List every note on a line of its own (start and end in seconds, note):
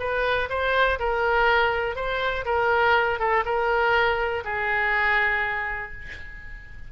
0.00 0.49 B4
0.50 0.99 C5
0.99 1.96 A#4
1.96 2.45 C5
2.45 3.19 A#4
3.20 3.44 A4
3.45 4.44 A#4
4.45 5.92 G#4